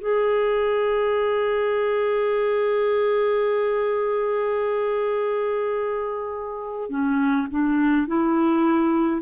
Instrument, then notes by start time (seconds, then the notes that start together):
clarinet
0.00 G#4
6.89 C#4
7.50 D4
8.07 E4